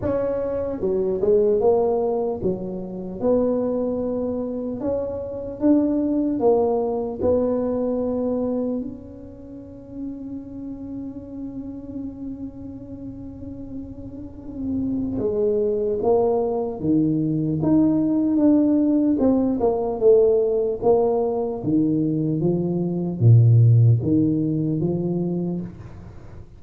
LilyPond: \new Staff \with { instrumentName = "tuba" } { \time 4/4 \tempo 4 = 75 cis'4 fis8 gis8 ais4 fis4 | b2 cis'4 d'4 | ais4 b2 cis'4~ | cis'1~ |
cis'2. gis4 | ais4 dis4 dis'4 d'4 | c'8 ais8 a4 ais4 dis4 | f4 ais,4 dis4 f4 | }